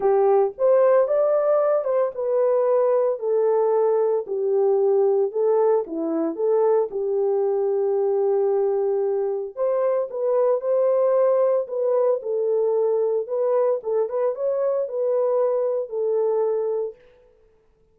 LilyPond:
\new Staff \with { instrumentName = "horn" } { \time 4/4 \tempo 4 = 113 g'4 c''4 d''4. c''8 | b'2 a'2 | g'2 a'4 e'4 | a'4 g'2.~ |
g'2 c''4 b'4 | c''2 b'4 a'4~ | a'4 b'4 a'8 b'8 cis''4 | b'2 a'2 | }